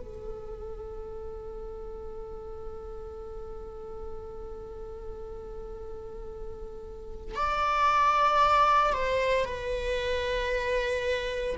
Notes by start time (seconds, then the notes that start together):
0.00 A4
7.35 D5
8.93 C5
9.45 B4